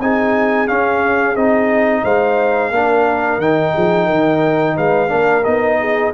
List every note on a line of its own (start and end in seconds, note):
0.00 0.68 C4
0.00 0.68 D#4
0.00 2.04 G#4
0.00 0.68 G#5
0.68 1.36 C#4
0.68 1.36 F5
1.36 2.04 C4
1.36 2.73 D#4
1.36 2.05 D#5
2.04 2.71 G#3
2.04 2.72 C5
2.04 3.41 F5
2.71 3.38 A#3
2.71 3.41 D4
2.71 3.75 A#4
3.38 3.73 D#3
3.38 5.08 D#4
3.38 4.77 G5
3.75 4.10 F3
3.75 4.06 G#4
4.06 4.78 D#3
4.06 4.74 A#4
4.76 5.12 G#3
4.76 5.10 B4
4.76 5.44 F5
5.08 5.46 A#3
5.08 5.42 D4
5.08 5.78 A#4
5.44 6.14 B3
5.44 6.14 D#4
5.44 6.13 D#5
5.80 6.14 G#4